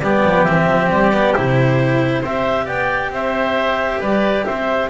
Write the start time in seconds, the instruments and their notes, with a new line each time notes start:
0.00 double bass G3, cello B3, oboe G4, clarinet D5
0.24 double bass F3
0.44 double bass E3, cello C4, clarinet E5
0.66 double bass F3
0.90 double bass G3, clarinet D5
1.13 cello B3
1.34 double bass C3, cello E4, clarinet C5
2.21 double bass C4, cello G4, oboe C5, clarinet E5
2.65 double bass B3, oboe D5, clarinet G5
3.09 double bass C4, oboe C5, clarinet E5
4.00 double bass G3, oboe B4, clarinet D5
4.45 double bass C4, oboe C5, clarinet E5